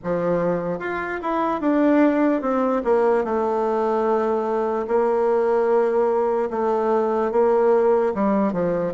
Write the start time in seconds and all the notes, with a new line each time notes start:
0.03 F3
0.79 F4
1.22 E4
1.60 D4
2.41 C4
2.84 A#3
3.24 A3
4.87 A#3
6.50 A3
7.31 A#3
8.14 G3
8.52 F3